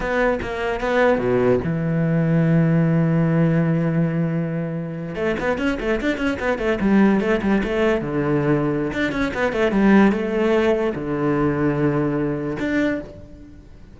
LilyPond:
\new Staff \with { instrumentName = "cello" } { \time 4/4 \tempo 4 = 148 b4 ais4 b4 b,4 | e1~ | e1~ | e8. a8 b8 cis'8 a8 d'8 cis'8 b16~ |
b16 a8 g4 a8 g8 a4 d16~ | d2 d'8 cis'8 b8 a8 | g4 a2 d4~ | d2. d'4 | }